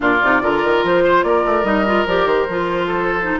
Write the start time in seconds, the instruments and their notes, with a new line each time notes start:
0.00 bassoon A#2, clarinet D4, oboe F4, flute D5
0.22 bassoon C3, clarinet D#4
0.41 bassoon D3, clarinet F4, oboe A#4
0.63 bassoon D#3
0.83 bassoon F3, flute C5
1.04 oboe C5
1.23 bassoon A#3, oboe A#4, flute D5
1.45 bassoon A3
1.63 bassoon G3, clarinet D#4, flute D#5
1.86 clarinet F4
2.06 bassoon F3, clarinet G4, flute D5
2.25 bassoon D#3, flute C5
2.48 bassoon F3, clarinet F4
2.87 oboe A4
3.21 clarinet D#4